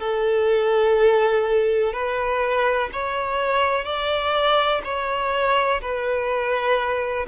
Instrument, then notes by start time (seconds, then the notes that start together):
violin
0.00 A4
1.94 B4
2.93 C#5
3.84 D5
4.84 C#5
5.82 B4